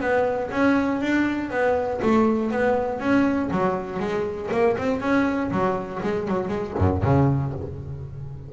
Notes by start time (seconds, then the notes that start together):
0.00 B3
0.51 C#4
1.01 D4
1.50 B3
2.02 A3
2.51 B3
3.00 C#4
3.51 F#3
3.99 G#3
4.51 A#3
4.77 C4
5.00 C#4
5.51 F#3
6.02 G#3
6.27 F#3
6.48 G#3
6.77 F#2
7.03 C#3